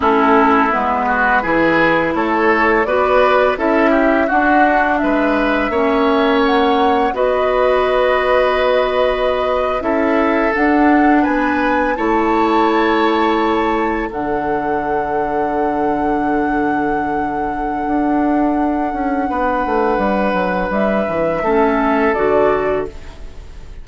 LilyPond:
<<
  \new Staff \with { instrumentName = "flute" } { \time 4/4 \tempo 4 = 84 a'4 b'2 cis''4 | d''4 e''4 fis''4 e''4~ | e''4 fis''4 dis''2~ | dis''4.~ dis''16 e''4 fis''4 gis''16~ |
gis''8. a''2. fis''16~ | fis''1~ | fis''1~ | fis''4 e''2 d''4 | }
  \new Staff \with { instrumentName = "oboe" } { \time 4/4 e'4. fis'8 gis'4 a'4 | b'4 a'8 g'8 fis'4 b'4 | cis''2 b'2~ | b'4.~ b'16 a'2 b'16~ |
b'8. cis''2. a'16~ | a'1~ | a'2. b'4~ | b'2 a'2 | }
  \new Staff \with { instrumentName = "clarinet" } { \time 4/4 cis'4 b4 e'2 | fis'4 e'4 d'2 | cis'2 fis'2~ | fis'4.~ fis'16 e'4 d'4~ d'16~ |
d'8. e'2. d'16~ | d'1~ | d'1~ | d'2 cis'4 fis'4 | }
  \new Staff \with { instrumentName = "bassoon" } { \time 4/4 a4 gis4 e4 a4 | b4 cis'4 d'4 gis4 | ais2 b2~ | b4.~ b16 cis'4 d'4 b16~ |
b8. a2. d16~ | d1~ | d4 d'4. cis'8 b8 a8 | g8 fis8 g8 e8 a4 d4 | }
>>